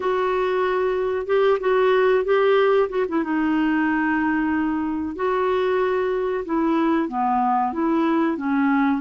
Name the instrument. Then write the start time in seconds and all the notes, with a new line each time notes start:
clarinet
0.00 F#4
1.26 G4
1.60 F#4
2.24 G4
2.89 F#4
3.08 E4
3.23 D#4
5.15 F#4
6.45 E4
7.08 B3
7.72 E4
8.37 C#4